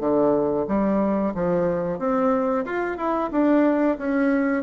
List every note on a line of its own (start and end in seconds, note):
0.00 0.66 D3
0.68 1.34 G3
1.35 1.99 F3
1.99 2.65 C4
2.65 2.97 F4
2.97 3.30 E4
3.31 3.97 D4
3.98 4.63 C#4